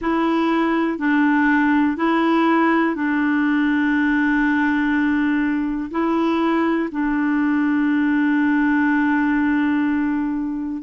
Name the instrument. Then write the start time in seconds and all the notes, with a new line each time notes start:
clarinet
0.00 E4
0.98 D4
1.97 E4
2.95 D4
5.90 E4
6.91 D4